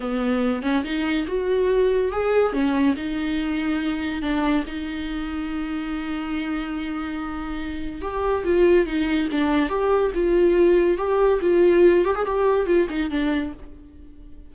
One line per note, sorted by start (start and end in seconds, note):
0.00 0.62 B3
0.62 0.83 C#4
0.83 1.26 D#4
1.27 2.11 F#4
2.11 2.52 G#4
2.52 2.95 C#4
2.96 4.22 D#4
4.22 4.64 D4
4.67 8.01 D#4
8.01 8.44 G4
8.44 8.86 F4
8.86 9.28 D#4
9.31 9.69 D4
9.69 10.11 G4
10.14 10.97 F4
10.97 11.40 G4
11.41 12.04 F4
12.04 12.15 G4
12.15 12.25 G#4
12.25 12.66 G4
12.66 12.87 F4
12.89 13.10 D#4
13.10 13.52 D4